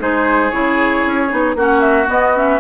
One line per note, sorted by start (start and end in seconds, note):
0.00 0.53 G#3
0.00 0.52 D#4
0.00 1.57 G#4
0.00 0.51 C5
0.51 1.05 C#3
0.51 1.29 E4
0.51 1.56 C#5
1.06 1.32 C#4
1.29 1.56 B3
1.29 1.55 D#4
1.56 2.08 A#3
1.56 2.07 C#4
1.56 2.61 F#4
1.56 1.81 F#5
1.81 2.07 E5
2.07 2.33 B3
2.07 2.61 B3
2.07 2.37 D#5
2.35 2.61 C#4
2.35 2.61 E5